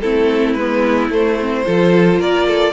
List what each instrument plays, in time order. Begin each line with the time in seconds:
0.00 cello A3, viola C4, violin E4 A4
0.54 cello G#3, violin B4
0.60 viola B3
1.10 cello A3, viola A3, violin C5
1.41 viola C4
1.65 cello F3, viola F4, violin A4
2.19 cello A#3, violin A#4 D5
2.48 violin A4